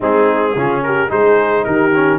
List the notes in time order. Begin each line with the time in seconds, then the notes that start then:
0.00 G#3 C4 D#4 G#4
0.55 C#3 C#4 F4
0.82 G4 A#4
1.08 G#3 D#4 G#4 C5
1.64 D#3 G4 A#4
1.94 C#4